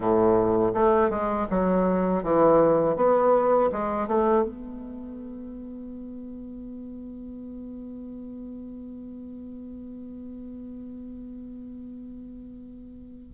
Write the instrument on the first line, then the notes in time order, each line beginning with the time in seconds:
bassoon
0.00 A2
0.74 A3
1.09 G#3
1.49 F#3
2.23 E3
2.96 B3
3.72 G#3
4.07 A3
4.43 B3